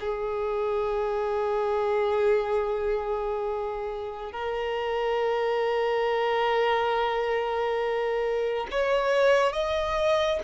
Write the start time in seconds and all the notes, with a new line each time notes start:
0.00 G#4
4.32 A#4
8.71 C#5
9.53 D#5